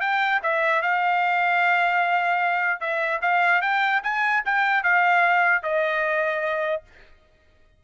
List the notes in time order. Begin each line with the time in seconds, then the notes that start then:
0.00 G5
0.43 E5
0.81 F5
2.80 E5
3.21 F5
3.61 G5
4.03 G#5
4.45 G5
4.83 F5
5.62 D#5